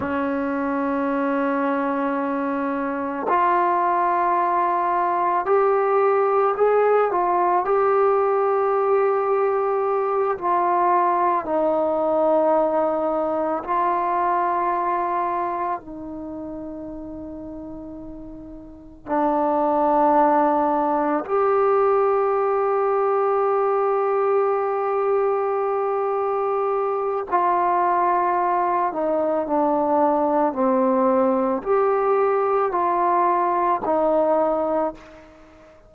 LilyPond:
\new Staff \with { instrumentName = "trombone" } { \time 4/4 \tempo 4 = 55 cis'2. f'4~ | f'4 g'4 gis'8 f'8 g'4~ | g'4. f'4 dis'4.~ | dis'8 f'2 dis'4.~ |
dis'4. d'2 g'8~ | g'1~ | g'4 f'4. dis'8 d'4 | c'4 g'4 f'4 dis'4 | }